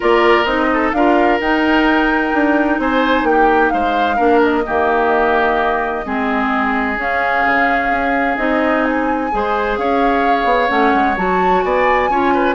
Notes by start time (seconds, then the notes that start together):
0.00 A#3 F4 A#4 D5
0.44 C4 D#4 D#5
0.73 A4
0.92 D4 F4 A#4 F5
1.40 D#4 G5
2.33 D4
2.79 C4 C5 G#5
3.23 A#3 G5
3.30 G4
3.70 G#3 C5 F5
4.16 A#3 D4 A#4
4.43 D#5
4.66 D#3 A#3 G4
6.05 G#3 C4 G#4
6.96 C#4 F5
7.46 C#3
7.90 C#4
8.37 C4 D#4 D#5
8.84 G#5
9.31 G#3 G#4 C5
9.77 C#4 C#5 F5
10.44 B3
10.68 A3 C#4 F#5
10.94 G#3
11.16 F#3 F#4 A5
11.62 B3 D5 G#5
12.09 C#4 F4 C#5
12.33 B4